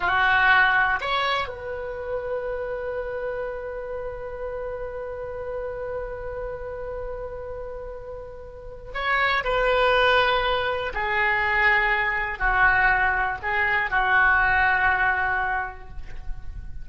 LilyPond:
\new Staff \with { instrumentName = "oboe" } { \time 4/4 \tempo 4 = 121 fis'2 cis''4 b'4~ | b'1~ | b'1~ | b'1~ |
b'2 cis''4 b'4~ | b'2 gis'2~ | gis'4 fis'2 gis'4 | fis'1 | }